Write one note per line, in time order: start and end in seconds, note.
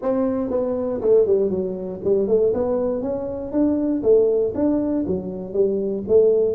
0.02 0.50 C4
0.50 1.00 B3
1.01 1.26 A3
1.26 1.49 G3
1.49 2.00 F#3
2.04 2.27 G3
2.27 2.53 A3
2.53 3.01 B3
3.01 3.52 C#4
3.52 4.02 D4
4.02 4.53 A3
4.54 5.05 D4
5.07 5.53 F#3
5.53 6.03 G3
6.08 6.55 A3